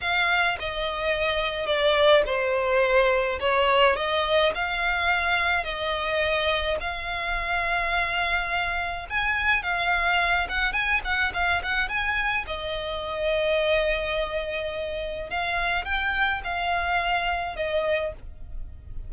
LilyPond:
\new Staff \with { instrumentName = "violin" } { \time 4/4 \tempo 4 = 106 f''4 dis''2 d''4 | c''2 cis''4 dis''4 | f''2 dis''2 | f''1 |
gis''4 f''4. fis''8 gis''8 fis''8 | f''8 fis''8 gis''4 dis''2~ | dis''2. f''4 | g''4 f''2 dis''4 | }